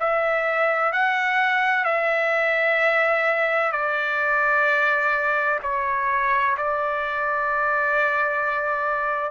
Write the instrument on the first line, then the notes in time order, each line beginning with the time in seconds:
trumpet
0.00 E5
0.92 F#5
1.84 E5
3.72 D5
5.62 C#5
6.57 D5